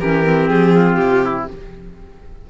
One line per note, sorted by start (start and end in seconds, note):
0.00 0.49 E3
0.00 0.23 C#4
0.00 0.75 G4
0.00 0.49 A#4
0.23 1.48 C4
0.49 0.97 F3
0.49 0.95 G#4
0.75 1.25 F4
0.95 1.47 C3
0.95 1.45 G4
1.25 1.50 E4